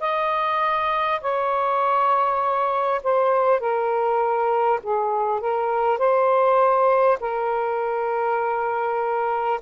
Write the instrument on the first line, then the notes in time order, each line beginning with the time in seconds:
saxophone
0.00 D#5
1.21 C#5
3.03 C5
3.59 A#4
4.83 G#4
5.40 A#4
5.98 C5
7.20 A#4